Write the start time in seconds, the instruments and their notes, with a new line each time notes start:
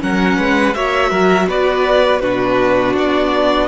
0.00 cello F#3, viola C#4, violin A#4 F#5
0.38 cello G#3, violin B4
0.74 cello A#3, viola F#4, violin C#5 E5
1.10 cello F#3, violin A#4
1.48 cello B3, violin B4 D5
2.20 cello B2, viola D4, violin F#4 B4
2.96 cello B3, violin D5